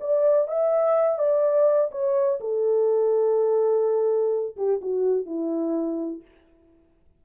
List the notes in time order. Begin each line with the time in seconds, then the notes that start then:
0.00 D5
0.48 E5
1.19 D5
1.91 C#5
2.40 A4
4.56 G4
4.81 F#4
5.26 E4